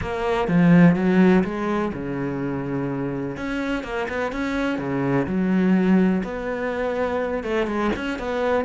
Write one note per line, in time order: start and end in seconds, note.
0.01 0.47 A#3
0.47 0.95 F3
0.95 1.43 F#3
1.44 1.92 G#3
1.93 3.36 C#3
3.36 3.83 C#4
3.83 4.07 A#3
4.08 4.32 B3
4.32 4.78 C#4
4.78 5.26 C#3
5.26 6.22 F#3
6.23 7.43 B3
7.43 7.66 A3
7.66 7.90 G#3
7.96 8.19 C#4
8.19 8.64 B3